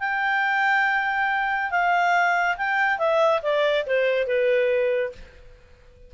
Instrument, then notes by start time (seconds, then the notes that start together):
clarinet
0.00 G5
1.71 F5
2.58 G5
2.99 E5
3.43 D5
3.87 C5
4.27 B4